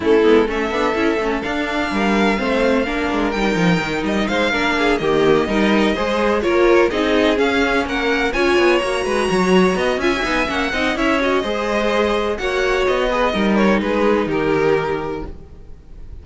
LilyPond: <<
  \new Staff \with { instrumentName = "violin" } { \time 4/4 \tempo 4 = 126 a'4 e''2 f''4~ | f''2. g''4~ | g''8 dis''8 f''4. dis''4.~ | dis''4. cis''4 dis''4 f''8~ |
f''8 fis''4 gis''4 ais''4.~ | ais''4 gis''4 fis''4 e''8 dis''8~ | dis''2 fis''4 dis''4~ | dis''8 cis''8 b'4 ais'2 | }
  \new Staff \with { instrumentName = "violin" } { \time 4/4 e'4 a'2. | ais'4 c''4 ais'2~ | ais'4 c''8 ais'8 gis'8 g'4 ais'8~ | ais'8 c''4 ais'4 gis'4.~ |
gis'8 ais'4 cis''4. b'8 cis''8~ | cis''8 dis''8 e''4. dis''8 cis''4 | c''2 cis''4. b'8 | ais'4 gis'4 g'2 | }
  \new Staff \with { instrumentName = "viola" } { \time 4/4 cis'8 b8 cis'8 d'8 e'8 cis'8 d'4~ | d'4 c'4 d'4 dis'4~ | dis'4. d'4 ais4 dis'8~ | dis'8 gis'4 f'4 dis'4 cis'8~ |
cis'4. f'4 fis'4.~ | fis'4 f'16 fis'16 dis'8 cis'8 dis'8 e'8 fis'8 | gis'2 fis'4. gis'8 | dis'1 | }
  \new Staff \with { instrumentName = "cello" } { \time 4/4 a8 gis8 a8 b8 cis'8 a8 d'4 | g4 a4 ais8 gis8 g8 f8 | dis8 g8 gis8 ais4 dis4 g8~ | g8 gis4 ais4 c'4 cis'8~ |
cis'8 ais4 cis'8 b8 ais8 gis8 fis8~ | fis8 b8 cis'8 b8 ais8 c'8 cis'4 | gis2 ais4 b4 | g4 gis4 dis2 | }
>>